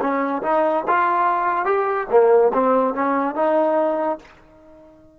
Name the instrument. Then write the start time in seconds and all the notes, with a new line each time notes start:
trombone
0.00 C#4
0.42 D#4
0.87 F4
1.65 G4
2.10 A#3
2.53 C4
2.94 C#4
3.35 D#4